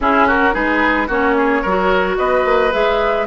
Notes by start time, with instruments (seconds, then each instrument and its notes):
0.00 bassoon C#4, clarinet C#4, oboe E4, flute G#4
0.27 oboe F#4, flute A#4
0.52 bassoon G#3, clarinet D#4, oboe G#4, flute B4
1.07 bassoon A#3, clarinet C#4, oboe F#4, flute C#5
1.37 oboe G#4
1.62 bassoon F#3, clarinet F#4, oboe A#4
2.17 bassoon B3, oboe B4, flute D#5
2.45 bassoon A#3
2.71 bassoon G#3, clarinet G#4, flute E5